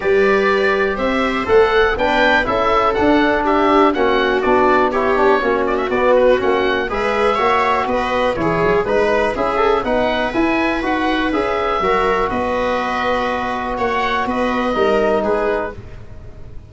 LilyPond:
<<
  \new Staff \with { instrumentName = "oboe" } { \time 4/4 \tempo 4 = 122 d''2 e''4 fis''4 | g''4 e''4 fis''4 e''4 | fis''4 d''4 cis''4. d''16 e''16 | d''8 b'8 fis''4 e''2 |
dis''4 cis''4 b'4 e''4 | fis''4 gis''4 fis''4 e''4~ | e''4 dis''2. | fis''4 dis''2 b'4 | }
  \new Staff \with { instrumentName = "viola" } { \time 4/4 b'2 c''2 | b'4 a'2 g'4 | fis'2 g'4 fis'4~ | fis'2 b'4 cis''4 |
b'4 gis'4 b'4 gis'4 | b'1 | ais'4 b'2. | cis''4 b'4 ais'4 gis'4 | }
  \new Staff \with { instrumentName = "trombone" } { \time 4/4 g'2. a'4 | d'4 e'4 d'2 | cis'4 d'4 e'8 d'8 cis'4 | b4 cis'4 gis'4 fis'4~ |
fis'4 e'4 dis'4 e'8 a'8 | dis'4 e'4 fis'4 gis'4 | fis'1~ | fis'2 dis'2 | }
  \new Staff \with { instrumentName = "tuba" } { \time 4/4 g2 c'4 a4 | b4 cis'4 d'2 | ais4 b2 ais4 | b4 ais4 gis4 ais4 |
b4 e8 fis8 gis4 cis'4 | b4 e'4 dis'4 cis'4 | fis4 b2. | ais4 b4 g4 gis4 | }
>>